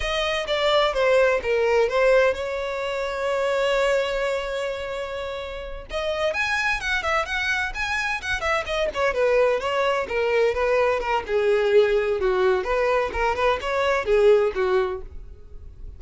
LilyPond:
\new Staff \with { instrumentName = "violin" } { \time 4/4 \tempo 4 = 128 dis''4 d''4 c''4 ais'4 | c''4 cis''2.~ | cis''1~ | cis''8 dis''4 gis''4 fis''8 e''8 fis''8~ |
fis''8 gis''4 fis''8 e''8 dis''8 cis''8 b'8~ | b'8 cis''4 ais'4 b'4 ais'8 | gis'2 fis'4 b'4 | ais'8 b'8 cis''4 gis'4 fis'4 | }